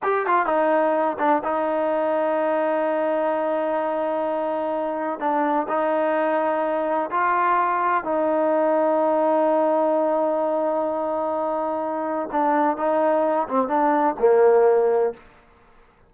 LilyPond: \new Staff \with { instrumentName = "trombone" } { \time 4/4 \tempo 4 = 127 g'8 f'8 dis'4. d'8 dis'4~ | dis'1~ | dis'2. d'4 | dis'2. f'4~ |
f'4 dis'2.~ | dis'1~ | dis'2 d'4 dis'4~ | dis'8 c'8 d'4 ais2 | }